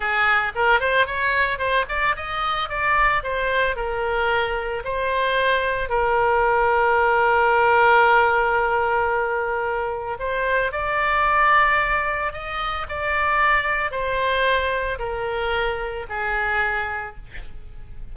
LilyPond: \new Staff \with { instrumentName = "oboe" } { \time 4/4 \tempo 4 = 112 gis'4 ais'8 c''8 cis''4 c''8 d''8 | dis''4 d''4 c''4 ais'4~ | ais'4 c''2 ais'4~ | ais'1~ |
ais'2. c''4 | d''2. dis''4 | d''2 c''2 | ais'2 gis'2 | }